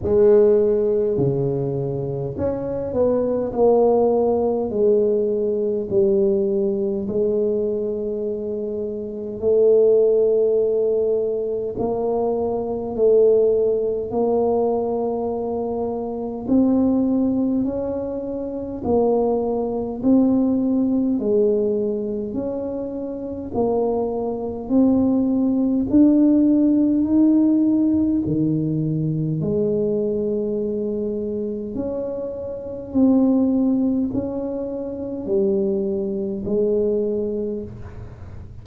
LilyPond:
\new Staff \with { instrumentName = "tuba" } { \time 4/4 \tempo 4 = 51 gis4 cis4 cis'8 b8 ais4 | gis4 g4 gis2 | a2 ais4 a4 | ais2 c'4 cis'4 |
ais4 c'4 gis4 cis'4 | ais4 c'4 d'4 dis'4 | dis4 gis2 cis'4 | c'4 cis'4 g4 gis4 | }